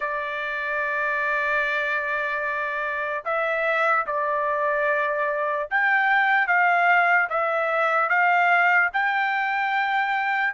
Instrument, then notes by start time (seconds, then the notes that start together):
trumpet
0.00 D5
3.24 E5
4.06 D5
5.70 G5
6.47 F5
7.29 E5
8.09 F5
8.93 G5